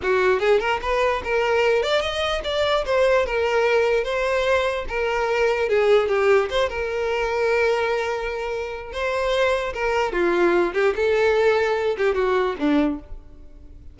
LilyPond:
\new Staff \with { instrumentName = "violin" } { \time 4/4 \tempo 4 = 148 fis'4 gis'8 ais'8 b'4 ais'4~ | ais'8 d''8 dis''4 d''4 c''4 | ais'2 c''2 | ais'2 gis'4 g'4 |
c''8 ais'2.~ ais'8~ | ais'2 c''2 | ais'4 f'4. g'8 a'4~ | a'4. g'8 fis'4 d'4 | }